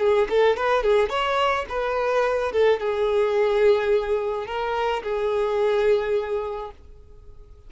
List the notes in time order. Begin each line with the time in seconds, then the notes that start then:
0.00 G#4
0.30 A4
0.57 B4
0.83 G#4
1.09 C#5
1.69 B4
2.52 A4
2.80 G#4
4.47 A#4
5.03 G#4